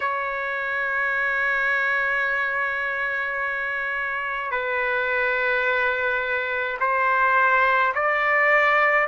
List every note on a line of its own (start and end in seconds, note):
0.00 4.51 C#5
4.51 6.77 B4
6.80 7.93 C5
7.94 9.07 D5